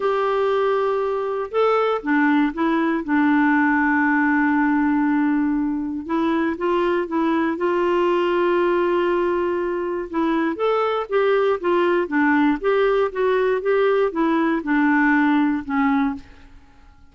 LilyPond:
\new Staff \with { instrumentName = "clarinet" } { \time 4/4 \tempo 4 = 119 g'2. a'4 | d'4 e'4 d'2~ | d'1 | e'4 f'4 e'4 f'4~ |
f'1 | e'4 a'4 g'4 f'4 | d'4 g'4 fis'4 g'4 | e'4 d'2 cis'4 | }